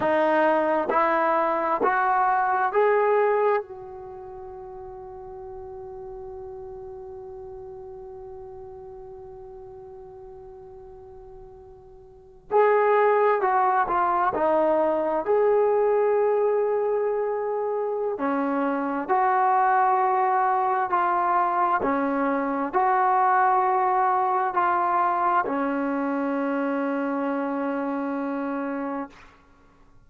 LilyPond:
\new Staff \with { instrumentName = "trombone" } { \time 4/4 \tempo 4 = 66 dis'4 e'4 fis'4 gis'4 | fis'1~ | fis'1~ | fis'4.~ fis'16 gis'4 fis'8 f'8 dis'16~ |
dis'8. gis'2.~ gis'16 | cis'4 fis'2 f'4 | cis'4 fis'2 f'4 | cis'1 | }